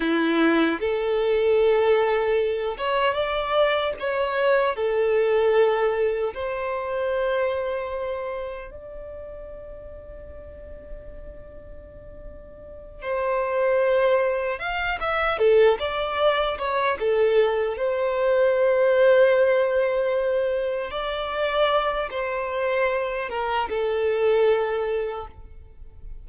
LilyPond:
\new Staff \with { instrumentName = "violin" } { \time 4/4 \tempo 4 = 76 e'4 a'2~ a'8 cis''8 | d''4 cis''4 a'2 | c''2. d''4~ | d''1~ |
d''8 c''2 f''8 e''8 a'8 | d''4 cis''8 a'4 c''4.~ | c''2~ c''8 d''4. | c''4. ais'8 a'2 | }